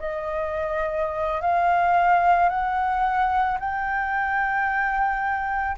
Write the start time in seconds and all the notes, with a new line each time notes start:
0.00 D#5
1.42 F5
2.50 F#5
3.60 G5